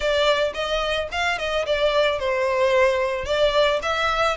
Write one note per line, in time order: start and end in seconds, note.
0.00 0.53 D5
0.54 1.08 D#5
1.11 1.38 F5
1.38 1.65 D#5
1.66 2.19 D5
2.19 3.25 C5
3.25 3.80 D5
3.82 4.36 E5